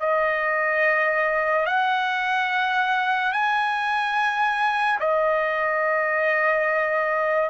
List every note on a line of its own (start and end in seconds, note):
0.00 1.66 D#5
1.66 3.32 F#5
3.32 4.99 G#5
5.00 7.49 D#5